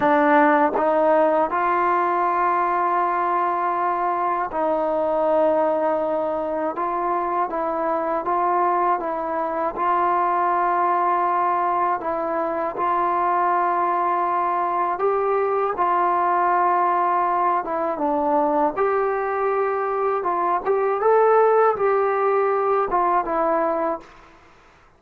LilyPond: \new Staff \with { instrumentName = "trombone" } { \time 4/4 \tempo 4 = 80 d'4 dis'4 f'2~ | f'2 dis'2~ | dis'4 f'4 e'4 f'4 | e'4 f'2. |
e'4 f'2. | g'4 f'2~ f'8 e'8 | d'4 g'2 f'8 g'8 | a'4 g'4. f'8 e'4 | }